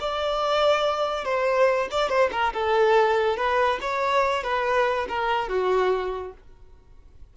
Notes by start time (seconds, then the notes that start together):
0.00 D5
1.24 C5
1.91 D5
2.09 C5
2.31 A#4
2.53 A4
3.36 B4
3.81 C#5
4.43 B4
5.08 A#4
5.48 F#4